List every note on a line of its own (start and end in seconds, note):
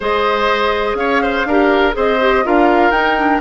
0.00 0.94 G#3
0.00 1.47 G#4
0.00 0.97 C5
0.00 0.96 D#5
0.94 1.43 C#4
0.94 1.22 C#5
0.94 1.93 F5
1.22 1.46 C5
1.45 1.94 D4
1.45 1.92 G4
1.45 1.96 A#4
1.92 2.45 C4
1.92 2.16 G#4
1.92 2.44 C5
1.92 2.46 D#5
2.20 2.43 G4
2.43 2.90 D4
2.43 2.92 F4
2.43 3.40 A#4
2.43 2.91 F5
2.90 3.39 D#4
2.90 3.17 D#4
2.90 3.40 G5
3.17 3.40 D4